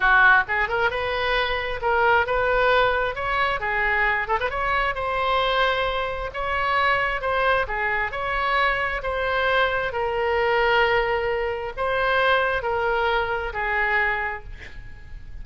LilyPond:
\new Staff \with { instrumentName = "oboe" } { \time 4/4 \tempo 4 = 133 fis'4 gis'8 ais'8 b'2 | ais'4 b'2 cis''4 | gis'4. a'16 b'16 cis''4 c''4~ | c''2 cis''2 |
c''4 gis'4 cis''2 | c''2 ais'2~ | ais'2 c''2 | ais'2 gis'2 | }